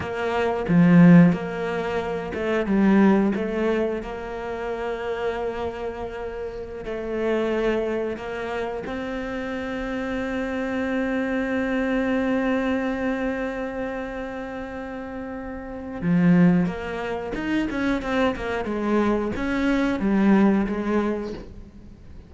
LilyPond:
\new Staff \with { instrumentName = "cello" } { \time 4/4 \tempo 4 = 90 ais4 f4 ais4. a8 | g4 a4 ais2~ | ais2~ ais16 a4.~ a16~ | a16 ais4 c'2~ c'8.~ |
c'1~ | c'1 | f4 ais4 dis'8 cis'8 c'8 ais8 | gis4 cis'4 g4 gis4 | }